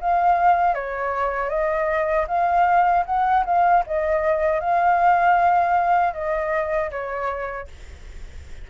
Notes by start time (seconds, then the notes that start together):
0.00 F5
0.74 C#5
1.49 D#5
2.27 F5
3.05 F#5
3.45 F5
3.86 D#5
4.60 F5
6.13 D#5
6.91 C#5